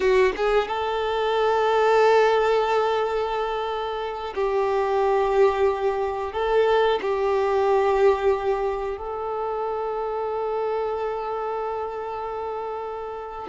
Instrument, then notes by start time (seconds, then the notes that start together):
violin
0.00 F#4
0.36 G#4
0.67 A4
4.35 G4
6.32 A4
7.02 G4
8.97 A4